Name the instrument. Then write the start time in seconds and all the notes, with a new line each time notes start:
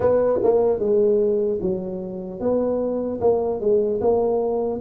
tuba
0.00 B3
0.43 A#3
0.79 G#3
1.61 F#3
2.40 B3
3.20 A#3
3.60 G#3
4.00 A#3